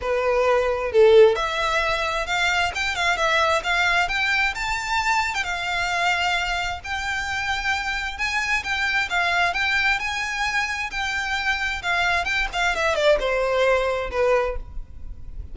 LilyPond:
\new Staff \with { instrumentName = "violin" } { \time 4/4 \tempo 4 = 132 b'2 a'4 e''4~ | e''4 f''4 g''8 f''8 e''4 | f''4 g''4 a''4.~ a''16 g''16 | f''2. g''4~ |
g''2 gis''4 g''4 | f''4 g''4 gis''2 | g''2 f''4 g''8 f''8 | e''8 d''8 c''2 b'4 | }